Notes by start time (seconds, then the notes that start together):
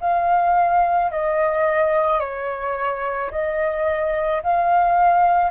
0.00 F5
1.11 D#5
2.19 C#5
3.31 D#5
4.42 F5